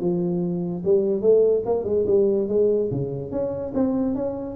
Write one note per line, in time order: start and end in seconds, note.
0.00 0.83 F3
0.84 1.21 G3
1.21 1.63 A3
1.65 1.84 A#3
1.84 2.04 G#3
2.06 2.48 G3
2.48 2.89 G#3
2.91 3.31 C#3
3.31 3.72 C#4
3.74 4.15 C4
4.15 4.55 C#4